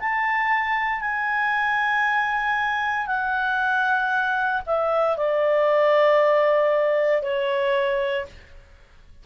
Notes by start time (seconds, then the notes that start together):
0.00 A5
1.01 G#5
3.07 F#5
4.66 E5
5.18 D5
7.23 C#5